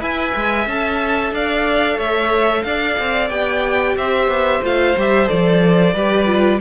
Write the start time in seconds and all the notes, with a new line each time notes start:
0.00 E4 B4 E5 G#5
0.35 G#3
0.67 C#4 A4 A5
1.32 D4 D5 F5
1.98 A3 C#5 E5
2.63 D4 D5 F5
2.99 C4
3.30 B3 G4 G5
3.97 C4 C5 E5
4.28 B3
4.63 A3 F4 F5
4.97 G3 G4 E5
5.26 F3 A4 D5
5.94 G3 G4 B4
6.26 F4